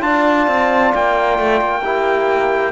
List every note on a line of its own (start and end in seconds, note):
0.00 0.47 D4
0.00 1.82 F4
0.00 1.83 D5
0.00 0.93 A5
0.47 0.93 C4
0.95 1.39 A#3
0.95 2.72 G5
1.39 1.61 A3
1.61 2.72 A#3
1.83 2.72 E4
1.83 2.72 G4